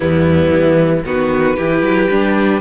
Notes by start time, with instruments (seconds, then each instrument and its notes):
0.00 cello E2, viola G3, violin B3 E4
0.51 cello E3
1.05 cello D#3, viola B3, violin F#4 B4
1.56 cello E3, viola E4, violin G4
1.82 cello F#3
2.10 cello G3, viola D4